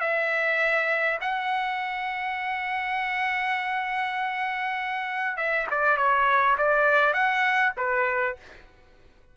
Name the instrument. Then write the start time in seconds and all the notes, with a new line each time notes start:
trumpet
0.00 E5
1.21 F#5
5.37 E5
5.70 D5
5.97 C#5
6.58 D5
7.13 F#5
7.77 B4